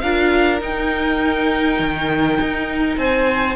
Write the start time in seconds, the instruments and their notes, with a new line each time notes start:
0.00 cello D4, viola F4, violin A#4 F5
0.60 viola D#4, cello D#4, violin G5
1.80 cello D#3
2.41 cello D#4
2.98 cello C4, violin C5 G#5